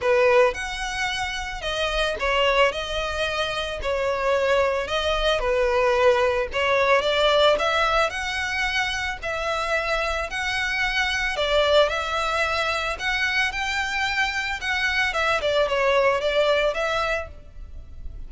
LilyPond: \new Staff \with { instrumentName = "violin" } { \time 4/4 \tempo 4 = 111 b'4 fis''2 dis''4 | cis''4 dis''2 cis''4~ | cis''4 dis''4 b'2 | cis''4 d''4 e''4 fis''4~ |
fis''4 e''2 fis''4~ | fis''4 d''4 e''2 | fis''4 g''2 fis''4 | e''8 d''8 cis''4 d''4 e''4 | }